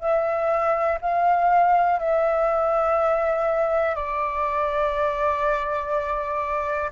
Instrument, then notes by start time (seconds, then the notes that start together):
flute
0.00 E5
1.01 F5
1.99 E5
3.96 D5